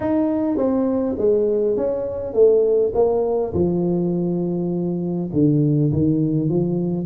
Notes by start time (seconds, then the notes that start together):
0.00 D#4
0.57 C4
1.18 G#3
1.76 C#4
2.33 A3
2.94 A#3
3.53 F3
5.33 D3
5.92 D#3
6.49 F3